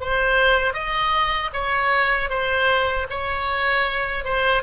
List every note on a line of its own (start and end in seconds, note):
0.00 0.73 C5
0.73 1.50 D#5
1.53 2.29 C#5
2.29 3.06 C5
3.09 4.24 C#5
4.24 4.63 C5